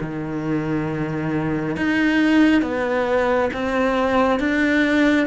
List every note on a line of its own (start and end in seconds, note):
0.00 1.76 D#3
1.76 2.61 D#4
2.61 3.50 B3
3.53 4.39 C4
4.39 5.27 D4